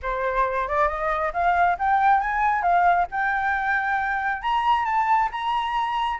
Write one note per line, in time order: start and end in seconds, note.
0.02 0.67 C5
0.67 0.88 D5
0.88 1.32 D#5
1.33 1.77 F5
1.78 2.20 G5
2.20 2.62 G#5
2.62 3.06 F5
3.11 4.42 G5
4.42 4.85 A#5
4.85 5.29 A5
5.31 6.19 A#5